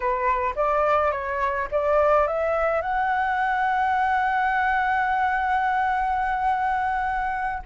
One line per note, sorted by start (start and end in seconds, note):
0.00 0.54 B4
0.55 1.11 D5
1.11 1.68 C#5
1.71 2.27 D5
2.27 2.81 E5
2.81 7.62 F#5